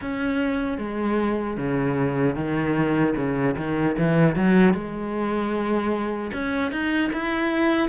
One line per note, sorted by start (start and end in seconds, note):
0.01 0.78 C#4
0.78 1.57 G#3
1.57 2.35 C#3
2.35 3.14 D#3
3.16 3.55 C#3
3.56 3.96 D#3
3.97 4.35 E3
4.35 4.73 F#3
4.73 6.31 G#3
6.32 6.71 C#4
6.71 7.11 D#4
7.12 7.88 E4